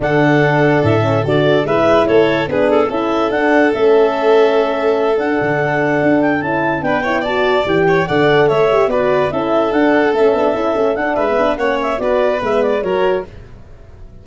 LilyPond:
<<
  \new Staff \with { instrumentName = "clarinet" } { \time 4/4 \tempo 4 = 145 fis''2 e''4 d''4 | e''4 cis''4 b'8 a'8 e''4 | fis''4 e''2.~ | e''8 fis''2~ fis''8 g''8 a''8~ |
a''8 g''4 a''4 g''4 fis''8~ | fis''8 e''4 d''4 e''4 fis''8~ | fis''8 e''2 fis''8 e''4 | fis''8 e''8 d''4 e''8 d''8 cis''4 | }
  \new Staff \with { instrumentName = "violin" } { \time 4/4 a'1 | b'4 a'4 gis'4 a'4~ | a'1~ | a'1~ |
a'8 b'8 cis''8 d''4. cis''8 d''8~ | d''8 cis''4 b'4 a'4.~ | a'2. b'4 | cis''4 b'2 ais'4 | }
  \new Staff \with { instrumentName = "horn" } { \time 4/4 d'2~ d'8 cis'8 fis'4 | e'2 d'4 e'4 | d'4 cis'2.~ | cis'8 d'2. e'8~ |
e'8 d'8 e'8 fis'4 g'4 a'8~ | a'4 g'8 fis'4 e'4 d'8~ | d'8 cis'8 d'8 e'8 cis'8 d'8. b16 d'8 | cis'4 fis'4 b4 fis'4 | }
  \new Staff \with { instrumentName = "tuba" } { \time 4/4 d2 a,4 d4 | gis4 a4 b4 cis'4 | d'4 a2.~ | a8 d'8 d4. d'4 cis'8~ |
cis'8 b2 e4 d8~ | d8 a4 b4 cis'4 d'8~ | d'8 a8 b8 cis'8 a8 d'8 gis8 b8 | ais4 b4 gis4 fis4 | }
>>